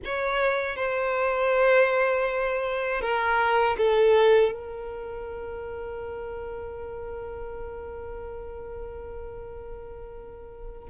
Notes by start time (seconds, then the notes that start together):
0.04 C#5
0.76 C5
3.01 A#4
3.77 A4
4.51 A#4